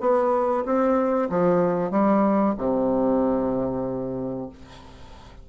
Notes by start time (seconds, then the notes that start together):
0.00 B3
0.65 C4
1.29 F3
1.90 G3
2.57 C3